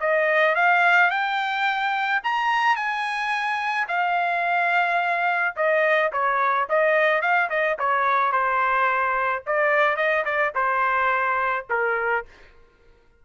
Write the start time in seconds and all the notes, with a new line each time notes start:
0.00 D#5
0.55 F5
1.10 G5
2.23 A#5
2.76 G#5
3.88 F5
5.56 D#5
6.12 C#5
6.69 D#5
7.21 F5
7.49 D#5
7.79 C#5
8.32 C5
9.46 D5
9.96 D#5
10.25 D5
10.55 C5
11.69 A#4